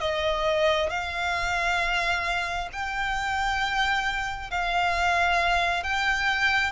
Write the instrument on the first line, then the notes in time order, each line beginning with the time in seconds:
violin
0.00 D#5
0.90 F5
2.72 G5
4.51 F5
5.83 G5